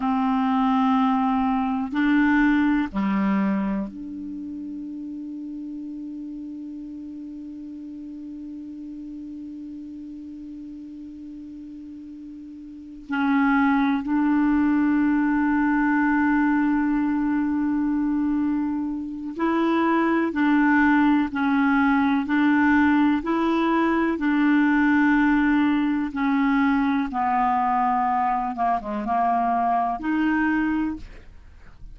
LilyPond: \new Staff \with { instrumentName = "clarinet" } { \time 4/4 \tempo 4 = 62 c'2 d'4 g4 | d'1~ | d'1~ | d'4. cis'4 d'4.~ |
d'1 | e'4 d'4 cis'4 d'4 | e'4 d'2 cis'4 | b4. ais16 gis16 ais4 dis'4 | }